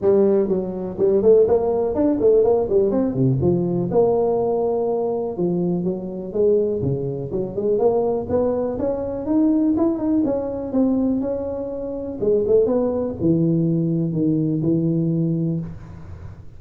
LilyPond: \new Staff \with { instrumentName = "tuba" } { \time 4/4 \tempo 4 = 123 g4 fis4 g8 a8 ais4 | d'8 a8 ais8 g8 c'8 c8 f4 | ais2. f4 | fis4 gis4 cis4 fis8 gis8 |
ais4 b4 cis'4 dis'4 | e'8 dis'8 cis'4 c'4 cis'4~ | cis'4 gis8 a8 b4 e4~ | e4 dis4 e2 | }